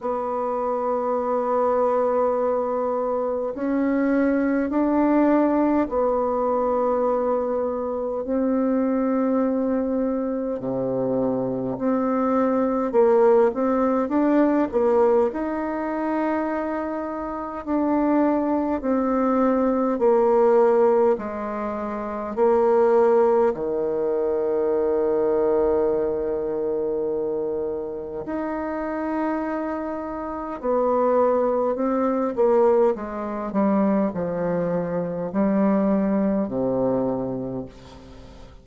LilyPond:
\new Staff \with { instrumentName = "bassoon" } { \time 4/4 \tempo 4 = 51 b2. cis'4 | d'4 b2 c'4~ | c'4 c4 c'4 ais8 c'8 | d'8 ais8 dis'2 d'4 |
c'4 ais4 gis4 ais4 | dis1 | dis'2 b4 c'8 ais8 | gis8 g8 f4 g4 c4 | }